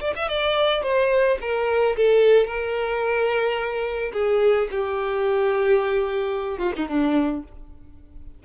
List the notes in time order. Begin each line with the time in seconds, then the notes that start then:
0.00 D5
0.16 E5
0.28 D5
0.83 C5
1.41 A#4
1.96 A4
2.47 A#4
4.13 G#4
4.70 G4
6.58 F4
6.76 D#4
6.88 D4